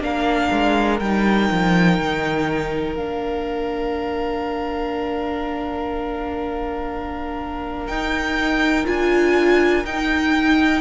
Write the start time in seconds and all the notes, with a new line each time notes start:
0.00 A#3 D4 A#4 F5
0.52 G#3
0.99 G3 D#4 G5
1.51 F3
1.99 D#3
2.95 A#3 D4 F5
7.87 D#4 G5
8.85 D4 F4 G#5
9.85 D#4 G5